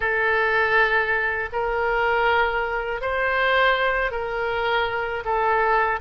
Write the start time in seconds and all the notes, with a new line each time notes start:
0.00 A4
1.52 A#4
3.01 C5
4.11 A#4
5.24 A4